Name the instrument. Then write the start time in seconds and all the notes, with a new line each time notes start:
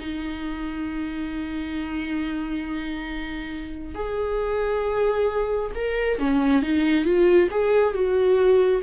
viola
0.00 D#4
3.95 G#4
5.75 A#4
6.19 C#4
6.63 D#4
7.05 F4
7.51 G#4
7.94 F#4